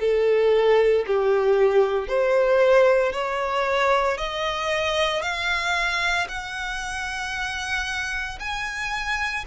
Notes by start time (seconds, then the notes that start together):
0.00 A4
1.07 G4
2.08 C5
3.12 C#5
4.18 D#5
5.22 F5
6.28 F#5
8.40 G#5